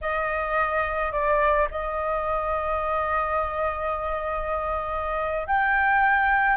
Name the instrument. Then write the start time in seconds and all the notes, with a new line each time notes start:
flute
0.01 D#5
1.12 D5
1.71 D#5
5.47 G5